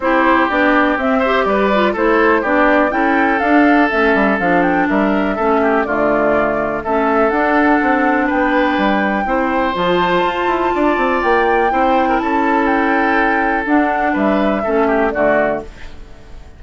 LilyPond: <<
  \new Staff \with { instrumentName = "flute" } { \time 4/4 \tempo 4 = 123 c''4 d''4 e''4 d''4 | c''4 d''4 g''4 f''4 | e''4 f''8 g''8 e''2 | d''2 e''4 fis''4~ |
fis''4 g''2. | a''2. g''4~ | g''4 a''4 g''2 | fis''4 e''2 d''4 | }
  \new Staff \with { instrumentName = "oboe" } { \time 4/4 g'2~ g'8 c''8 b'4 | a'4 g'4 a'2~ | a'2 ais'4 a'8 g'8 | f'2 a'2~ |
a'4 b'2 c''4~ | c''2 d''2 | c''8. ais'16 a'2.~ | a'4 b'4 a'8 g'8 fis'4 | }
  \new Staff \with { instrumentName = "clarinet" } { \time 4/4 e'4 d'4 c'8 g'4 f'8 | e'4 d'4 e'4 d'4 | cis'4 d'2 cis'4 | a2 cis'4 d'4~ |
d'2. e'4 | f'1 | e'1 | d'2 cis'4 a4 | }
  \new Staff \with { instrumentName = "bassoon" } { \time 4/4 c'4 b4 c'4 g4 | a4 b4 cis'4 d'4 | a8 g8 f4 g4 a4 | d2 a4 d'4 |
c'4 b4 g4 c'4 | f4 f'8 e'8 d'8 c'8 ais4 | c'4 cis'2. | d'4 g4 a4 d4 | }
>>